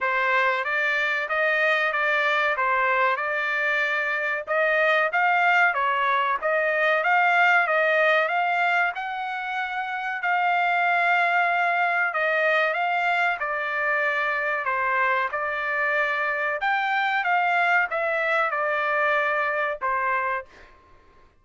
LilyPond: \new Staff \with { instrumentName = "trumpet" } { \time 4/4 \tempo 4 = 94 c''4 d''4 dis''4 d''4 | c''4 d''2 dis''4 | f''4 cis''4 dis''4 f''4 | dis''4 f''4 fis''2 |
f''2. dis''4 | f''4 d''2 c''4 | d''2 g''4 f''4 | e''4 d''2 c''4 | }